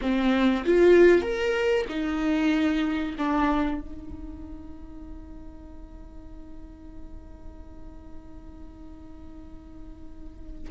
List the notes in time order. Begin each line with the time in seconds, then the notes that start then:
0.01 C4
0.65 F4
1.22 A#4
1.88 D#4
3.18 D4
3.80 D#4